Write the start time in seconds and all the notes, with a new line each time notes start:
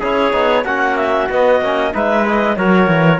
0.00 C#4 E4 G#4 C#5
0.32 B3 D#4
0.64 A#3 C#4 F#4 F#5
0.96 E5
1.29 B3 D#5
1.61 A#3 C#4
1.93 G#3 D#4 B4 E5
2.26 E4 D#5
2.56 F#3 F#4 A#4 C#5
2.87 E3